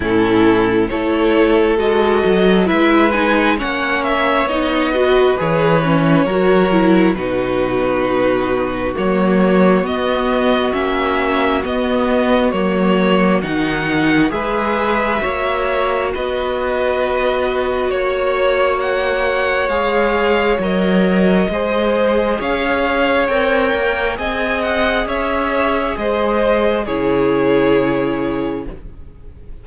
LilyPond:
<<
  \new Staff \with { instrumentName = "violin" } { \time 4/4 \tempo 4 = 67 a'4 cis''4 dis''4 e''8 gis''8 | fis''8 e''8 dis''4 cis''2 | b'2 cis''4 dis''4 | e''4 dis''4 cis''4 fis''4 |
e''2 dis''2 | cis''4 fis''4 f''4 dis''4~ | dis''4 f''4 g''4 gis''8 fis''8 | e''4 dis''4 cis''2 | }
  \new Staff \with { instrumentName = "violin" } { \time 4/4 e'4 a'2 b'4 | cis''4. b'4. ais'4 | fis'1~ | fis'1 |
b'4 cis''4 b'2 | cis''1 | c''4 cis''2 dis''4 | cis''4 c''4 gis'2 | }
  \new Staff \with { instrumentName = "viola" } { \time 4/4 cis'4 e'4 fis'4 e'8 dis'8 | cis'4 dis'8 fis'8 gis'8 cis'8 fis'8 e'8 | dis'2 ais4 b4 | cis'4 b4 ais4 dis'4 |
gis'4 fis'2.~ | fis'2 gis'4 ais'4 | gis'2 ais'4 gis'4~ | gis'2 e'2 | }
  \new Staff \with { instrumentName = "cello" } { \time 4/4 a,4 a4 gis8 fis8 gis4 | ais4 b4 e4 fis4 | b,2 fis4 b4 | ais4 b4 fis4 dis4 |
gis4 ais4 b2 | ais2 gis4 fis4 | gis4 cis'4 c'8 ais8 c'4 | cis'4 gis4 cis2 | }
>>